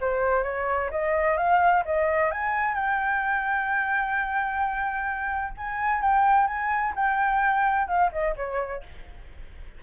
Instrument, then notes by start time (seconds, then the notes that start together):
flute
0.00 C5
0.43 C#5
0.90 D#5
1.37 F5
1.85 D#5
2.31 G#5
2.74 G5
5.57 G#5
6.01 G5
6.47 G#5
6.95 G5
7.87 F5
8.12 D#5
8.36 C#5